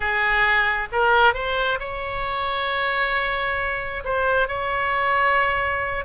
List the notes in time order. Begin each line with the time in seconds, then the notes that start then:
0.00 G#4
0.92 A#4
1.34 C5
1.79 C#5
4.04 C5
4.48 C#5